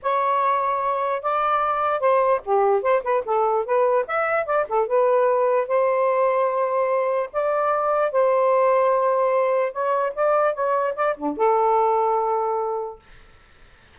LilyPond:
\new Staff \with { instrumentName = "saxophone" } { \time 4/4 \tempo 4 = 148 cis''2. d''4~ | d''4 c''4 g'4 c''8 b'8 | a'4 b'4 e''4 d''8 a'8 | b'2 c''2~ |
c''2 d''2 | c''1 | cis''4 d''4 cis''4 d''8 d'8 | a'1 | }